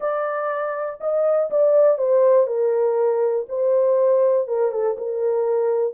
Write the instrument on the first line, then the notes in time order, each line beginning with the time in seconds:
horn
0.00 D5
1.00 D#5
1.50 D5
1.97 C5
2.47 A#4
3.48 C5
4.47 A#4
4.71 A4
4.97 A#4